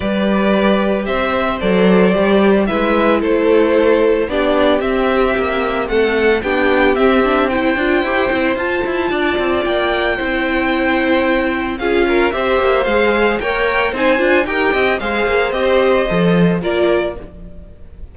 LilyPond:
<<
  \new Staff \with { instrumentName = "violin" } { \time 4/4 \tempo 4 = 112 d''2 e''4 d''4~ | d''4 e''4 c''2 | d''4 e''2 fis''4 | g''4 e''4 g''2 |
a''2 g''2~ | g''2 f''4 e''4 | f''4 g''4 gis''4 g''4 | f''4 dis''2 d''4 | }
  \new Staff \with { instrumentName = "violin" } { \time 4/4 b'2 c''2~ | c''4 b'4 a'2 | g'2. a'4 | g'2 c''2~ |
c''4 d''2 c''4~ | c''2 gis'8 ais'8 c''4~ | c''4 cis''4 c''4 ais'8 dis''8 | c''2. ais'4 | }
  \new Staff \with { instrumentName = "viola" } { \time 4/4 g'2. a'4 | g'4 e'2. | d'4 c'2. | d'4 c'8 d'8 e'8 f'8 g'8 e'8 |
f'2. e'4~ | e'2 f'4 g'4 | gis'4 ais'4 dis'8 f'8 g'4 | gis'4 g'4 a'4 f'4 | }
  \new Staff \with { instrumentName = "cello" } { \time 4/4 g2 c'4 fis4 | g4 gis4 a2 | b4 c'4 ais4 a4 | b4 c'4. d'8 e'8 c'8 |
f'8 e'8 d'8 c'8 ais4 c'4~ | c'2 cis'4 c'8 ais8 | gis4 ais4 c'8 d'8 dis'8 c'8 | gis8 ais8 c'4 f4 ais4 | }
>>